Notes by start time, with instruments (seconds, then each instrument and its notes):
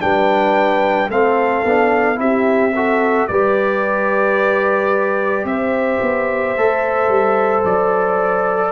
0.00 tuba G3, trombone D4, horn B4, trumpet G5
1.08 tuba A3, trombone C4, horn A4, trumpet F5
1.65 tuba B3, trombone D4
2.15 tuba C4, trombone E4, horn G4, trumpet E5
2.75 trombone F#4, horn A4
3.27 tuba G3, trombone G4, horn B4, trumpet D5
5.44 tuba C4, horn C5, trumpet E5
6.01 tuba B3
6.56 tuba A3, trombone A4
7.08 tuba G3
7.64 tuba F#3, trumpet D5